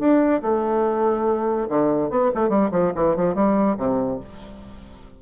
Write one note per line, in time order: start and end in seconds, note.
0.00 0.42 D4
0.42 1.68 A3
1.69 2.10 D3
2.10 2.31 B3
2.35 2.49 A3
2.49 2.70 G3
2.71 2.92 F3
2.95 3.16 E3
3.16 3.35 F3
3.35 3.77 G3
3.78 4.20 C3